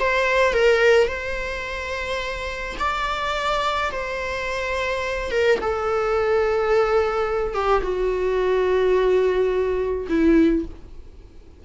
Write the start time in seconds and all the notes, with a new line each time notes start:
0.00 C5
0.53 A#4
1.08 C5
2.79 D5
3.91 C5
5.31 A#4
5.61 A4
7.54 G4
7.83 F#4
10.09 E4